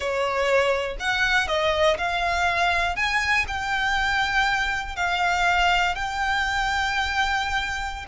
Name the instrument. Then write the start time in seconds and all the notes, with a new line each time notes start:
violin
0.00 C#5
0.99 F#5
1.47 D#5
1.97 F5
2.96 G#5
3.47 G5
4.95 F5
5.95 G5